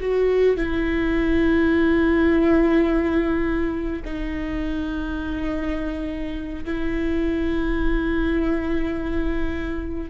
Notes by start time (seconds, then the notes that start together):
0.00 F#4
0.57 E4
4.05 D#4
6.65 E4